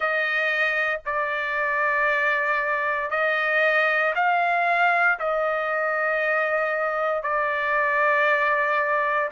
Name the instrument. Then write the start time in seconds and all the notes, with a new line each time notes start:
trumpet
0.00 D#5
1.05 D5
3.10 D#5
4.15 F5
5.19 D#5
7.22 D5